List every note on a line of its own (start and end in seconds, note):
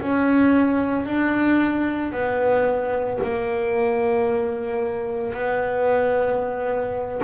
0.00 1.05 C#4
1.05 2.12 D4
2.12 3.19 B3
3.23 5.33 A#3
5.33 7.21 B3